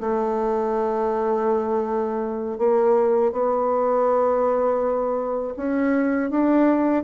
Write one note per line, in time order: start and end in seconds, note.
0.00 2.58 A3
2.58 3.32 A#3
3.32 5.54 B3
5.57 6.30 C#4
6.30 7.03 D4